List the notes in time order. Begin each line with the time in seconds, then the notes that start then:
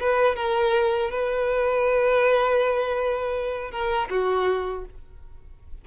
0.00 B4
0.36 A#4
1.10 B4
3.71 A#4
4.10 F#4